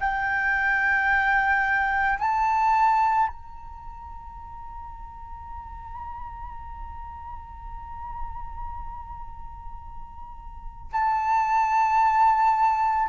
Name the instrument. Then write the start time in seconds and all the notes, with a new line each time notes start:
flute
0.00 G5
2.19 A5
3.27 A#5
10.92 A5